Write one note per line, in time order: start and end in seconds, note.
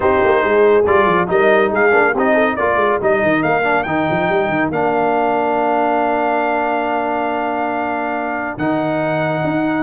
0.00 0.21 C4
0.00 0.83 D#4
0.00 0.41 G4
0.00 0.85 C5
0.24 0.42 A#3
0.41 0.85 G#3
0.41 1.27 G#4
0.86 1.05 G3
0.86 1.27 F4
0.86 1.28 D5
1.05 1.27 F3
1.27 1.72 G3
1.27 1.91 D#4
1.27 1.70 A#4
1.27 1.72 D#5
1.70 1.92 G#3
1.70 2.13 G#4
1.70 2.17 F5
1.91 2.13 A#3
1.91 2.12 D4
2.13 2.56 C4
2.13 2.59 D#4
2.13 2.33 G4
2.13 2.55 D#5
2.33 2.55 A4
2.55 2.75 A#3
2.55 3.01 F4
2.55 9.82 A#4
2.55 2.98 D5
2.75 2.97 G#3
3.01 3.22 G3
3.01 3.63 D#4
3.01 3.42 D#5
3.22 3.43 D#3
3.42 3.85 A#3
3.42 3.83 F5
3.63 3.84 D4
3.83 4.07 D#3
3.83 4.72 D#4
3.83 4.68 G5
4.10 4.29 F3
4.29 4.49 G3
4.49 4.70 D#3
4.70 8.55 A#3
4.70 8.58 D4
4.70 8.57 F5
8.57 9.43 D#3
8.57 9.82 D#4
8.57 9.82 F#5
9.44 9.82 D#4